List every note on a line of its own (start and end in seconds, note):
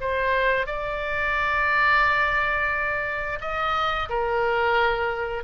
0.00 0.66 C5
0.66 3.39 D5
3.41 4.09 D#5
4.09 5.43 A#4